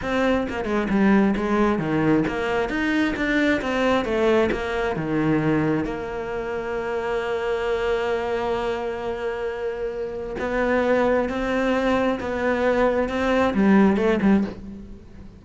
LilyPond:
\new Staff \with { instrumentName = "cello" } { \time 4/4 \tempo 4 = 133 c'4 ais8 gis8 g4 gis4 | dis4 ais4 dis'4 d'4 | c'4 a4 ais4 dis4~ | dis4 ais2.~ |
ais1~ | ais2. b4~ | b4 c'2 b4~ | b4 c'4 g4 a8 g8 | }